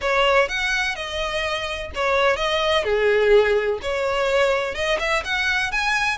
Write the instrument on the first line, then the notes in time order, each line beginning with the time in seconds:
violin
0.01 C#5
0.48 F#5
0.95 D#5
1.94 C#5
2.36 D#5
2.84 G#4
3.81 C#5
4.74 D#5
4.99 E5
5.24 F#5
5.71 G#5